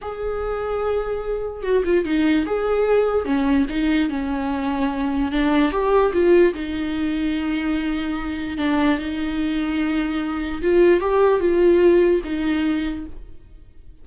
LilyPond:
\new Staff \with { instrumentName = "viola" } { \time 4/4 \tempo 4 = 147 gis'1 | fis'8 f'8 dis'4 gis'2 | cis'4 dis'4 cis'2~ | cis'4 d'4 g'4 f'4 |
dis'1~ | dis'4 d'4 dis'2~ | dis'2 f'4 g'4 | f'2 dis'2 | }